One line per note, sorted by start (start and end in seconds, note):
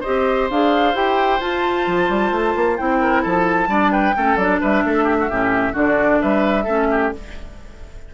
0.00 0.50 G4
0.00 2.98 C5
0.00 0.48 D#5
0.06 0.50 C4
0.50 0.94 D4
0.50 0.94 G#4
0.50 0.95 F5
0.94 1.40 E4
0.94 1.40 G4
0.94 1.40 G5
1.40 1.86 F4
1.40 2.77 F4
1.40 2.77 A5
1.87 2.09 F3
2.09 2.31 G3
2.31 2.54 A3
2.55 2.78 A#3
2.77 3.25 C4
2.77 3.68 E4
2.77 3.23 G5
3.00 3.22 A#4
3.22 3.67 F3
3.22 3.68 A4
3.22 3.92 A5
3.67 4.13 G3
3.67 4.14 D4
3.67 3.92 D5
3.92 4.15 B4
3.92 4.37 G5
4.15 4.37 A3
4.15 4.38 C#4
4.15 4.60 A4
4.37 4.59 F#3
4.37 5.30 D4
4.37 4.60 D5
4.60 4.84 G3
4.60 4.83 B4
4.60 5.76 E5
4.84 5.30 A3
4.84 5.04 A4
5.04 5.15 G4
5.19 5.30 F#4
5.30 5.74 A2
5.30 5.73 C#4
5.30 5.73 G4
5.73 6.20 D3
5.73 6.65 D4
5.73 6.18 F#4
5.73 6.21 D5
6.21 6.66 G3
6.21 6.64 B4
6.21 7.13 E5
6.64 7.12 A3
6.64 7.14 C#4
6.64 6.87 A4
6.90 7.13 G4